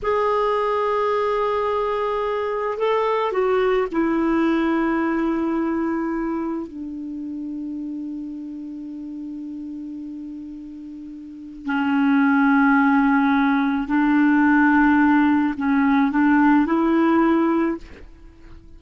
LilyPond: \new Staff \with { instrumentName = "clarinet" } { \time 4/4 \tempo 4 = 108 gis'1~ | gis'4 a'4 fis'4 e'4~ | e'1 | d'1~ |
d'1~ | d'4 cis'2.~ | cis'4 d'2. | cis'4 d'4 e'2 | }